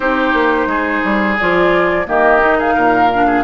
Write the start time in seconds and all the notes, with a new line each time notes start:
0.00 C4 D#4 G4 C5
0.33 A#3
0.66 G#3 G#4
1.04 G3
1.38 F3 F4 D5
2.06 D#3 A#3 G4 D#5
2.40 D#4
2.58 G#4 F5
2.74 A#2 A#4
3.14 D4
3.26 G#4